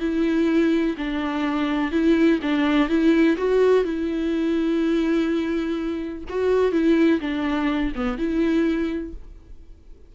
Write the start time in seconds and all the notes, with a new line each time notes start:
0.00 E4
0.98 D4
1.91 E4
2.42 D4
2.88 E4
3.38 F#4
3.84 E4
6.29 F#4
6.72 E4
7.21 D4
7.96 B3
8.18 E4